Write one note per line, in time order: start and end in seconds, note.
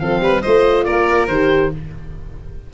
0.00 0.21 F3
0.00 0.43 C4
0.00 0.22 A4
0.00 0.42 F5
0.21 0.43 G3
0.21 0.43 B4
0.42 0.87 A3
0.42 1.31 F4
0.42 0.85 C5
0.42 0.85 D#5
0.85 1.29 A#3
0.85 1.71 A#4
0.85 1.28 D5
1.28 1.71 D#3
1.28 1.74 G4
1.28 1.71 C5